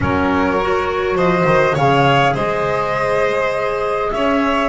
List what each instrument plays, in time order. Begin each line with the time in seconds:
0.00 double bass F#3, clarinet C#4, violin A#4, flute C#5
0.61 clarinet F#4
1.15 double bass F3, violin C5, flute D#5
1.45 double bass D#3
1.74 double bass C#3, clarinet G#4, violin C#5, flute F5
2.33 double bass G#3, violin C5, flute D#5
4.10 double bass C#4, violin C#5, flute E5